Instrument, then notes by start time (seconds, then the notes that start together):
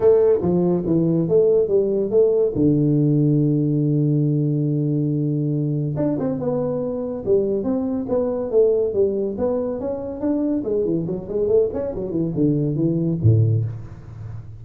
tuba
0.00 A3
0.41 F3
0.85 E3
1.28 A3
1.68 G3
2.10 A3
2.55 D3
5.96 D4
6.19 C4
6.39 B3
7.25 G3
7.63 C4
8.09 B3
8.50 A3
8.93 G3
9.38 B3
9.79 C#4
10.20 D4
10.64 G#3
10.85 E3
11.06 F#3
11.28 G#3
11.47 A3
11.73 C#4
11.95 F#3
12.10 E3
12.35 D3
12.75 E3
13.22 A2